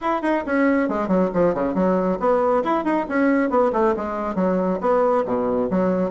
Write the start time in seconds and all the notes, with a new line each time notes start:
0.01 E4
0.22 D#4
0.46 C#4
0.88 G#3
1.07 F#3
1.33 F3
1.54 C#3
1.74 F#3
2.19 B3
2.64 E4
2.84 D#4
3.08 C#4
3.49 B3
3.72 A3
3.96 G#3
4.35 F#3
4.80 B3
5.25 B2
5.70 F#3